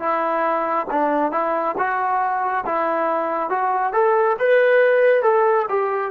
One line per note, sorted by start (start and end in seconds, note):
0.00 0.87 E4
0.91 1.32 D4
1.32 1.76 E4
1.78 2.65 F#4
2.66 3.51 E4
3.51 3.94 F#4
3.94 4.37 A4
4.40 5.23 B4
5.23 5.66 A4
5.70 6.12 G4